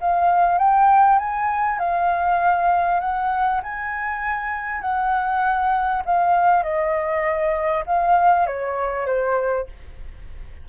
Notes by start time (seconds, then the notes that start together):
0.00 F5
0.58 G5
1.18 G#5
1.79 F5
3.00 F#5
3.63 G#5
4.81 F#5
6.05 F5
6.63 D#5
7.86 F5
8.47 C#5
9.06 C5